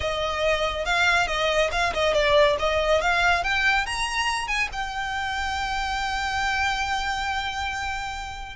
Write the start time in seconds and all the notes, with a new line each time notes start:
0.00 D#5
0.85 F5
1.27 D#5
1.71 F5
1.93 D#5
2.13 D5
2.59 D#5
3.01 F5
3.43 G5
3.86 A#5
4.47 G#5
4.72 G5